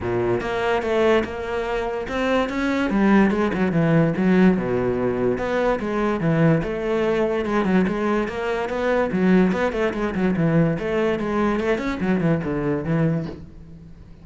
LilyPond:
\new Staff \with { instrumentName = "cello" } { \time 4/4 \tempo 4 = 145 ais,4 ais4 a4 ais4~ | ais4 c'4 cis'4 g4 | gis8 fis8 e4 fis4 b,4~ | b,4 b4 gis4 e4 |
a2 gis8 fis8 gis4 | ais4 b4 fis4 b8 a8 | gis8 fis8 e4 a4 gis4 | a8 cis'8 fis8 e8 d4 e4 | }